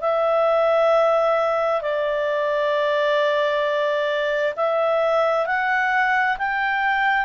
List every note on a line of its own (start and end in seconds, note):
0.00 1.81 E5
1.81 4.54 D5
4.56 5.46 E5
5.46 6.37 F#5
6.38 7.25 G5